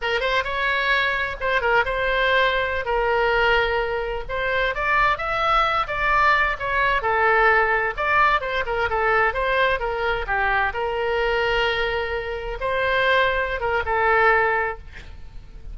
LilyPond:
\new Staff \with { instrumentName = "oboe" } { \time 4/4 \tempo 4 = 130 ais'8 c''8 cis''2 c''8 ais'8 | c''2~ c''16 ais'4.~ ais'16~ | ais'4~ ais'16 c''4 d''4 e''8.~ | e''8. d''4. cis''4 a'8.~ |
a'4~ a'16 d''4 c''8 ais'8 a'8.~ | a'16 c''4 ais'4 g'4 ais'8.~ | ais'2.~ ais'16 c''8.~ | c''4. ais'8 a'2 | }